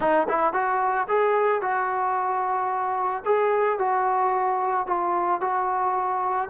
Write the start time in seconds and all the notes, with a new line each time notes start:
0.00 D#4
0.29 E4
0.53 F#4
1.07 G#4
1.61 F#4
3.25 G#4
3.78 F#4
4.86 F4
5.41 F#4